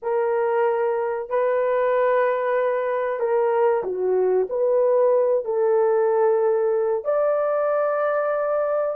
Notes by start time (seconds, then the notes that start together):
0.02 A#4
1.29 B4
3.19 A#4
3.83 F#4
4.49 B4
5.45 A4
7.04 D5